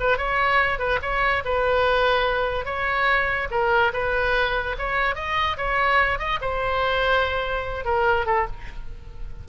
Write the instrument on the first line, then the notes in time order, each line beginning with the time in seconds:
oboe
0.00 B4
0.18 C#5
0.78 B4
1.02 C#5
1.44 B4
2.65 C#5
3.51 A#4
3.93 B4
4.78 C#5
5.15 D#5
5.57 C#5
6.19 D#5
6.41 C5
7.85 A#4
8.26 A4